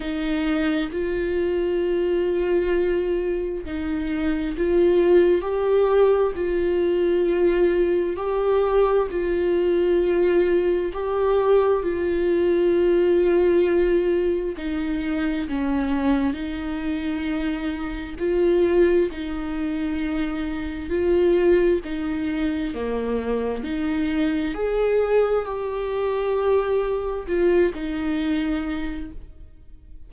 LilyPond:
\new Staff \with { instrumentName = "viola" } { \time 4/4 \tempo 4 = 66 dis'4 f'2. | dis'4 f'4 g'4 f'4~ | f'4 g'4 f'2 | g'4 f'2. |
dis'4 cis'4 dis'2 | f'4 dis'2 f'4 | dis'4 ais4 dis'4 gis'4 | g'2 f'8 dis'4. | }